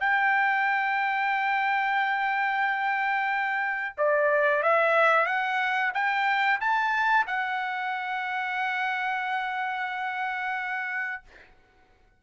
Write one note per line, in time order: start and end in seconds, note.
0.00 3.96 G5
3.97 4.63 D5
4.63 5.26 E5
5.26 5.92 F#5
5.94 6.60 G5
6.60 7.26 A5
7.27 11.23 F#5